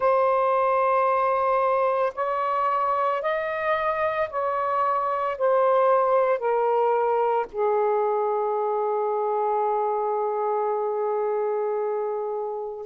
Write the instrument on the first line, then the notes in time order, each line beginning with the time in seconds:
saxophone
0.00 C5
2.14 C#5
3.21 D#5
4.30 C#5
5.38 C5
6.38 A#4
7.51 G#4